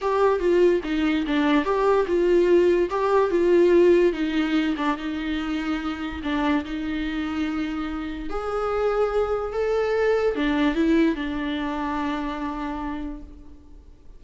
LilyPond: \new Staff \with { instrumentName = "viola" } { \time 4/4 \tempo 4 = 145 g'4 f'4 dis'4 d'4 | g'4 f'2 g'4 | f'2 dis'4. d'8 | dis'2. d'4 |
dis'1 | gis'2. a'4~ | a'4 d'4 e'4 d'4~ | d'1 | }